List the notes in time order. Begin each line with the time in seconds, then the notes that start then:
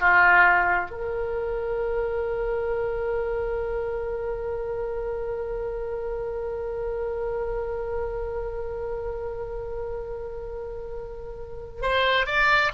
0.00 F4
0.91 A#4
11.82 C5
12.26 D5